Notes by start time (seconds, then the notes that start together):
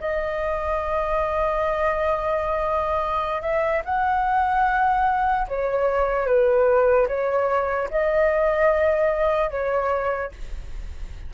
0.00 D#5
3.42 E5
3.85 F#5
5.48 C#5
6.26 B4
7.08 C#5
7.90 D#5
9.50 C#5